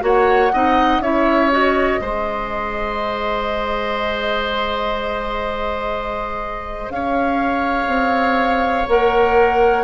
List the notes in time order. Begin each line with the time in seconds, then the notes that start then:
0.00 A#3 F#4 C#5 F#5
0.52 C4 D#4 D#5
0.99 C#4 E4 C#5 E5
1.50 F#4 D#5
2.00 G#3 G#4 C5
6.89 C#4 C#5 F5
7.86 C4
8.87 A#3 A#4 F#5